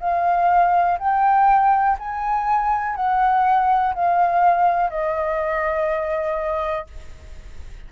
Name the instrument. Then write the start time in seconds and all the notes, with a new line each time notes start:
flute
0.00 F5
0.99 G5
1.99 G#5
2.96 F#5
3.95 F5
4.90 D#5